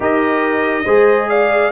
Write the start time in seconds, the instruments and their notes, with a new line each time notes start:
0.00 tuba D#4, trombone G4, horn A#4, trumpet D#5
0.84 tuba G#3, trombone G#4, horn C5
1.29 horn D5, trumpet F5